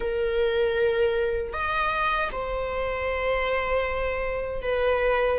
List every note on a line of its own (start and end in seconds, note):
0.00 1.53 A#4
1.53 2.30 D#5
2.31 4.62 C5
4.62 5.38 B4